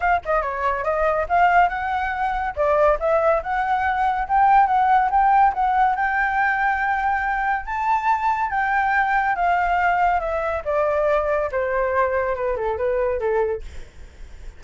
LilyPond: \new Staff \with { instrumentName = "flute" } { \time 4/4 \tempo 4 = 141 f''8 dis''8 cis''4 dis''4 f''4 | fis''2 d''4 e''4 | fis''2 g''4 fis''4 | g''4 fis''4 g''2~ |
g''2 a''2 | g''2 f''2 | e''4 d''2 c''4~ | c''4 b'8 a'8 b'4 a'4 | }